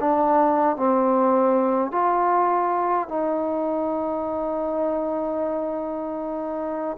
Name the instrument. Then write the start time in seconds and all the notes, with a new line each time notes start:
trombone
0.00 D4
0.77 C4
1.92 F4
3.09 D#4